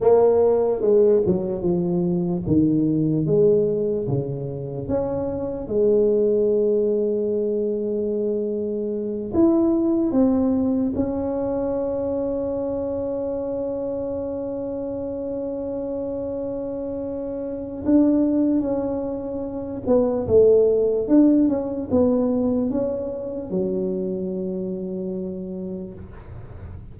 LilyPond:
\new Staff \with { instrumentName = "tuba" } { \time 4/4 \tempo 4 = 74 ais4 gis8 fis8 f4 dis4 | gis4 cis4 cis'4 gis4~ | gis2.~ gis8 e'8~ | e'8 c'4 cis'2~ cis'8~ |
cis'1~ | cis'2 d'4 cis'4~ | cis'8 b8 a4 d'8 cis'8 b4 | cis'4 fis2. | }